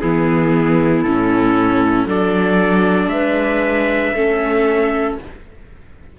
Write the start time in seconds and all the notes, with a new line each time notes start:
0.00 E3 B3 E4 G#4
1.03 A2 C#4 A4
2.05 F#3 D4 A4 D5
3.07 G#3 B4 E5
4.15 A3 C#4 A4